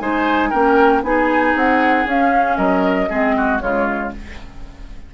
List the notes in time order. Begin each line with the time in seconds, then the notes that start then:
0.00 G#3 D#4 C5 G#5
0.50 A#3 C#4 A#4 G5
1.03 B3 D#4 G#4 G#5
1.56 C4 F#5
2.06 C#4 F5
2.57 F#3 A#4 D#5
3.10 G#3 C4 G#4
3.37 F#4
3.60 C#3 G#3 F4 C#5